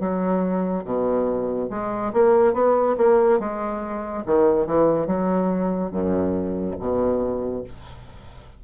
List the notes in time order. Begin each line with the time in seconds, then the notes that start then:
0.00 F#3
0.85 B2
1.70 G#3
2.13 A#3
2.54 B3
2.98 A#3
3.40 G#3
4.26 D#3
4.67 E3
5.07 F#3
5.91 F#2
6.80 B2